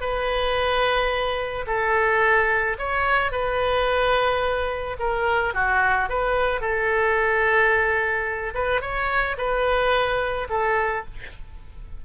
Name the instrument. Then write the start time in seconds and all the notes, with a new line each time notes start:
oboe
0.00 B4
1.66 A4
2.78 C#5
3.31 B4
4.99 A#4
5.53 F#4
6.09 B4
6.60 A4
8.54 B4
8.81 C#5
9.37 B4
10.49 A4